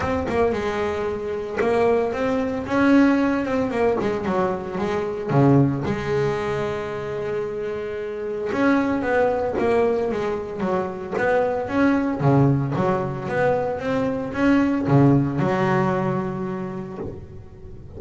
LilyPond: \new Staff \with { instrumentName = "double bass" } { \time 4/4 \tempo 4 = 113 c'8 ais8 gis2 ais4 | c'4 cis'4. c'8 ais8 gis8 | fis4 gis4 cis4 gis4~ | gis1 |
cis'4 b4 ais4 gis4 | fis4 b4 cis'4 cis4 | fis4 b4 c'4 cis'4 | cis4 fis2. | }